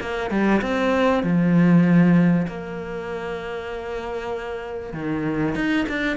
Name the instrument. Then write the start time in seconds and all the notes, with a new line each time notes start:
cello
0.00 A#3
0.30 G3
0.61 C4
1.23 F3
2.47 A#3
4.93 D#3
5.55 D#4
5.88 D4